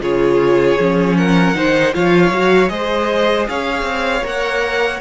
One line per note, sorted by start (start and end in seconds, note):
0.00 0.77 C#3
0.00 0.78 F4
0.00 1.17 G#4
0.00 1.17 C#5
0.79 1.55 F3
0.79 1.54 C#4
1.17 1.56 A#4
1.17 1.94 F#5
1.54 1.93 D#3
1.54 1.93 D#4
1.54 1.94 C5
1.93 2.30 F3
1.93 2.31 F4
1.93 2.71 C#5
1.93 2.68 F5
2.30 2.69 F#3
2.30 2.68 F#4
2.68 3.47 G#3
2.68 4.22 G#4
2.68 3.48 C5
2.68 3.45 D#5
3.48 3.82 C#4
3.48 5.00 C#5
3.48 4.25 F5
3.82 4.21 C4
4.23 5.00 A#3
4.23 5.00 A#4
4.23 5.00 F#5